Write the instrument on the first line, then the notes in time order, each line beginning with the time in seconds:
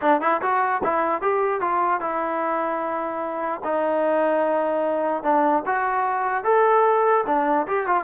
trombone
0.01 D4
0.21 E4
0.41 F#4
0.83 E4
1.21 G4
1.60 F4
2.00 E4
3.64 D#4
5.23 D4
5.66 F#4
6.43 A4
7.26 D4
7.67 G4
7.87 F4